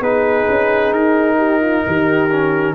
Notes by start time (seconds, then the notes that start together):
0.00 B3 D#4 G#4 B4
0.49 C#4
0.91 D#4 A#4
1.37 G4
1.61 F4
1.87 D#3 G4
2.31 C#4